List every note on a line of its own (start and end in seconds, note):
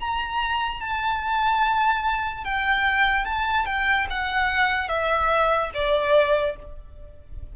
0.00 0.80 A#5
0.80 2.44 A5
2.44 3.25 G5
3.25 3.66 A5
3.66 4.07 G5
4.10 4.88 F#5
4.88 5.70 E5
5.74 6.56 D5